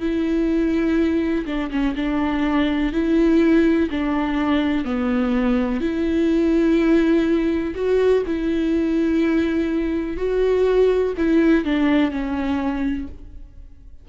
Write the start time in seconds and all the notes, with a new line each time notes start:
0.00 E4
1.46 D4
1.70 C#4
1.95 D4
2.92 E4
3.90 D4
4.84 B3
5.80 E4
7.75 F#4
8.26 E4
10.17 F#4
11.17 E4
11.64 D4
12.11 C#4